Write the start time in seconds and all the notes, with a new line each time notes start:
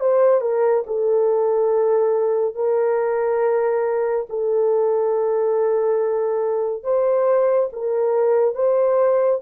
0.00 C5
0.41 A#4
0.86 A4
2.55 A#4
4.29 A4
6.83 C5
7.73 A#4
8.55 C5